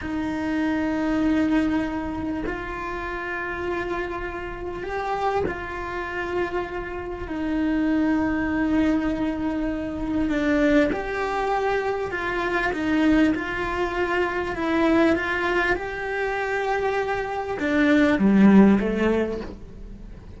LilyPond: \new Staff \with { instrumentName = "cello" } { \time 4/4 \tempo 4 = 99 dis'1 | f'1 | g'4 f'2. | dis'1~ |
dis'4 d'4 g'2 | f'4 dis'4 f'2 | e'4 f'4 g'2~ | g'4 d'4 g4 a4 | }